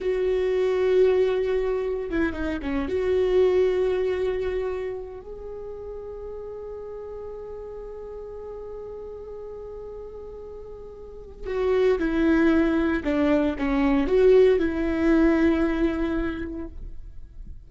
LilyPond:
\new Staff \with { instrumentName = "viola" } { \time 4/4 \tempo 4 = 115 fis'1 | e'8 dis'8 cis'8 fis'2~ fis'8~ | fis'2 gis'2~ | gis'1~ |
gis'1~ | gis'2 fis'4 e'4~ | e'4 d'4 cis'4 fis'4 | e'1 | }